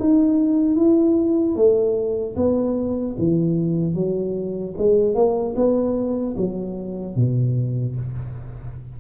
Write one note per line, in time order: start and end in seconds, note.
0.00 0.76 D#4
0.76 1.56 E4
1.56 2.36 A3
2.36 3.16 B3
3.19 3.95 E3
3.95 4.75 F#3
4.78 5.15 G#3
5.15 5.55 A#3
5.56 6.36 B3
6.37 7.16 F#3
7.16 7.96 B2